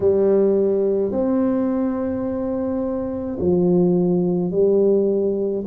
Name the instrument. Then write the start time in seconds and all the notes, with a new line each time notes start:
tuba
0.00 G3
1.11 C4
3.40 F3
4.51 G3